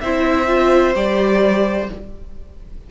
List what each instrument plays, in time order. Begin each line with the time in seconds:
0.00 cello C4, viola E4, violin C5 E5
0.47 viola F4
0.94 cello G3, viola G4, violin D5